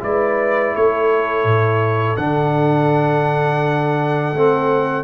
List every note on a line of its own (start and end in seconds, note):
0.00 0.74 G#3
0.00 2.17 E4
0.00 0.75 B4
0.00 0.75 D5
0.76 1.44 A3
0.76 5.04 A4
0.76 2.17 C#5
1.44 2.17 A2
2.17 4.34 D3
2.17 4.35 D4
2.17 5.04 F#5
4.34 5.04 A3
4.34 5.04 C4